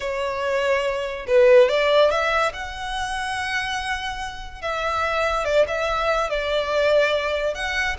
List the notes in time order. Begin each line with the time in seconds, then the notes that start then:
0.00 C#5
1.27 B4
1.68 D5
2.10 E5
2.53 F#5
4.61 E5
5.45 D5
5.67 E5
6.29 D5
7.54 F#5